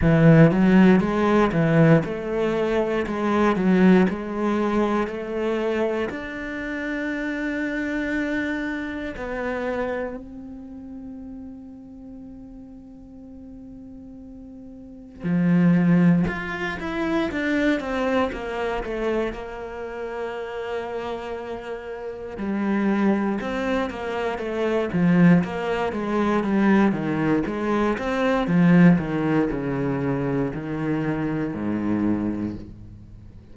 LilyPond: \new Staff \with { instrumentName = "cello" } { \time 4/4 \tempo 4 = 59 e8 fis8 gis8 e8 a4 gis8 fis8 | gis4 a4 d'2~ | d'4 b4 c'2~ | c'2. f4 |
f'8 e'8 d'8 c'8 ais8 a8 ais4~ | ais2 g4 c'8 ais8 | a8 f8 ais8 gis8 g8 dis8 gis8 c'8 | f8 dis8 cis4 dis4 gis,4 | }